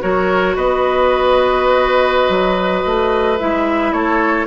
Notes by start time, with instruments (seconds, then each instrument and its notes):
0.00 bassoon F#3, clarinet F#4, oboe A#4, flute C#5
0.56 bassoon B3, oboe B4, flute D#5
2.29 bassoon F#3
2.86 bassoon A3
3.39 bassoon G#3, clarinet E4, flute E5
3.92 bassoon A3, oboe A4, flute C#5